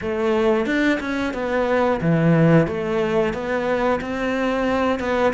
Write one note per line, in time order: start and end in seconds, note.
0.01 0.65 A3
0.65 0.99 D4
1.00 1.33 C#4
1.33 2.00 B3
2.01 2.67 E3
2.67 3.33 A3
3.33 4.00 B3
4.00 4.99 C4
4.99 5.32 B3